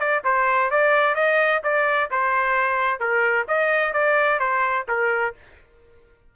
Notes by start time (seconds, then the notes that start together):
0.00 D5
0.25 C5
0.71 D5
1.16 D#5
1.64 D5
2.11 C5
3.00 A#4
3.48 D#5
3.93 D5
4.40 C5
4.89 A#4